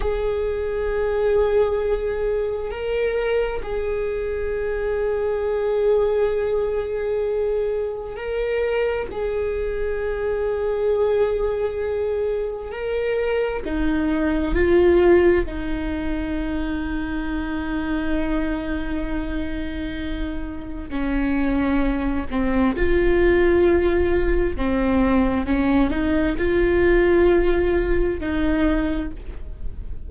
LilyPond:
\new Staff \with { instrumentName = "viola" } { \time 4/4 \tempo 4 = 66 gis'2. ais'4 | gis'1~ | gis'4 ais'4 gis'2~ | gis'2 ais'4 dis'4 |
f'4 dis'2.~ | dis'2. cis'4~ | cis'8 c'8 f'2 c'4 | cis'8 dis'8 f'2 dis'4 | }